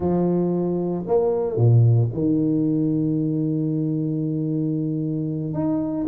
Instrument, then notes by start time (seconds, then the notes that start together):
tuba
0.00 F3
1.06 A#3
1.56 A#2
2.13 D#3
5.53 D#4